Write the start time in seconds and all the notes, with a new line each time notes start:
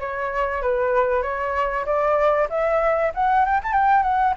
0.00 C#5
0.62 B4
1.22 C#5
1.86 D5
2.50 E5
3.14 F#5
3.45 G5
3.63 A5
3.72 G5
4.03 F#5